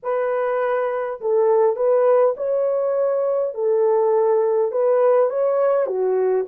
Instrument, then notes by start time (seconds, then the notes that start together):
horn
0.02 B4
1.21 A4
1.76 B4
2.36 C#5
3.54 A4
4.71 B4
5.29 C#5
5.86 F#4